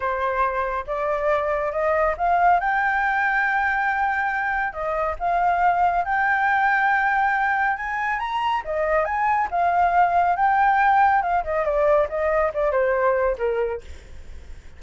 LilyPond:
\new Staff \with { instrumentName = "flute" } { \time 4/4 \tempo 4 = 139 c''2 d''2 | dis''4 f''4 g''2~ | g''2. dis''4 | f''2 g''2~ |
g''2 gis''4 ais''4 | dis''4 gis''4 f''2 | g''2 f''8 dis''8 d''4 | dis''4 d''8 c''4. ais'4 | }